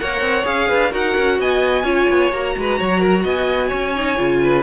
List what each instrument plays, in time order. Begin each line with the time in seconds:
0.00 cello A#3, viola A#4, violin C#5 F#5
0.21 cello C4
0.43 cello C#4, viola G#4, violin F5
0.68 cello D4, violin B4
0.91 cello D#4, viola F#4, violin A#4 F#5
1.18 cello C#4
1.40 cello B3, violin D#5 G#5
1.84 cello C#4, viola F4, violin C#5
2.10 cello B3
2.32 cello A#3, viola F#4, violin A#5
2.57 cello G#3, violin B4
2.79 cello F#3, violin C#5
3.00 violin A#4
3.24 cello B3, violin D#5 G#5
3.68 cello C#4, violin C#5
3.96 viola D#4
4.17 cello C#3, viola F4
4.43 violin B4